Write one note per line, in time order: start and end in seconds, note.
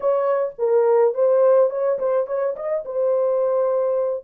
0.00 0.53 C#5
0.58 1.14 A#4
1.14 1.70 C5
1.70 1.98 C#5
1.98 2.26 C5
2.26 2.55 C#5
2.55 2.84 D#5
2.85 4.24 C5